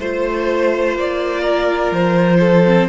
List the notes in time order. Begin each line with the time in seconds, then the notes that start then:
0.00 A3 F4 C5
0.97 A#3 D5
1.41 A#4
1.92 F3 C5
2.40 A4
2.66 C4